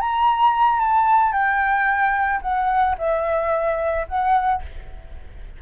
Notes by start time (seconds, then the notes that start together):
0.00 A#5
0.80 A5
1.33 G5
2.42 F#5
2.99 E5
4.08 F#5